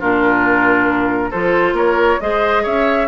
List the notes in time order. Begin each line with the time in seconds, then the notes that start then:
0.00 A#2 D4 F4 A#4
1.30 F3 F4 A4 C5
1.73 A#3 A#4 C#5
2.21 G#3 G#4 C5 D#5
2.63 C#4 C#5 E5